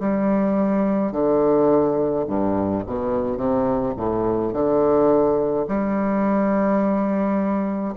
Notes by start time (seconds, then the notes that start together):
0.00 G3
1.12 D3
2.27 G2
2.86 B2
3.37 C3
3.97 A2
4.53 D3
5.68 G3